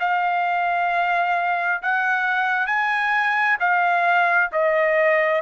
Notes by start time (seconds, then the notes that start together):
0.00 F5
1.82 F#5
2.67 G#5
3.60 F5
4.52 D#5